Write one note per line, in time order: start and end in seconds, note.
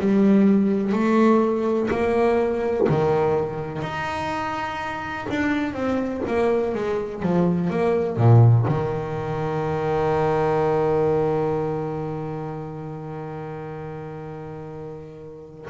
0.00 0.93 G3
0.93 1.90 A3
1.91 2.88 A#3
2.89 3.82 D#3
3.82 5.27 D#4
5.30 5.74 D4
5.74 6.22 C4
6.27 6.75 A#3
6.75 7.23 G#3
7.23 7.71 F3
7.71 8.17 A#3
8.17 8.66 A#2
8.68 15.70 D#3